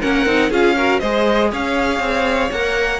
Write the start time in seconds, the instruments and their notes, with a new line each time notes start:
0.00 cello A#3, viola C#4, violin A#4 F#5
0.26 cello C4, viola D#4
0.50 cello C#4, viola F4, violin G#4 F5
0.76 viola F#4, violin A#4
0.99 cello G#3, viola G#4, violin C5 D#5
1.51 cello C#4, violin C#5 F5
1.99 cello C4
2.51 cello A#3, viola A#4, violin F#5